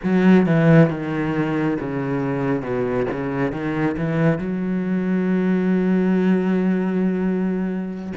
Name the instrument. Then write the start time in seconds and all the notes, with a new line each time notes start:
cello
0.03 F#3
0.45 E3
0.89 D#3
1.80 C#3
2.62 B2
3.11 C#3
3.51 D#3
3.97 E3
4.38 F#3